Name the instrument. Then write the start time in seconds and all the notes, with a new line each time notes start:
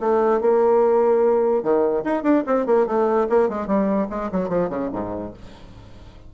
bassoon
0.00 A3
0.41 A#3
1.63 D#3
2.04 D#4
2.23 D4
2.46 C4
2.66 A#3
2.86 A3
3.29 A#3
3.49 G#3
3.67 G3
4.09 G#3
4.31 F#3
4.48 F3
4.69 C#3
4.92 G#2